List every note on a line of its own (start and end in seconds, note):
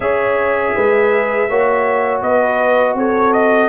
0.00 0.73 C#4
0.00 1.48 G#4
0.00 0.75 C#5
0.00 2.21 E5
0.75 1.49 G#3
0.75 1.49 B4
1.49 2.22 A#3
1.49 3.69 F#4
1.49 2.23 C#5
2.22 2.94 B3
2.22 2.97 B4
2.22 2.96 D#5
2.94 3.68 C4
2.94 3.69 A4
2.94 3.33 C#5
3.33 3.69 D#5